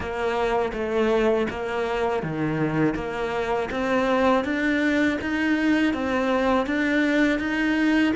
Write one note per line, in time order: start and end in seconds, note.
0.00 0.72 A#3
0.73 1.47 A3
1.49 2.23 A#3
2.23 2.95 D#3
2.95 3.69 A#3
3.70 4.44 C4
4.44 5.18 D4
5.21 5.93 D#4
5.93 6.66 C4
6.66 7.39 D4
7.39 8.13 D#4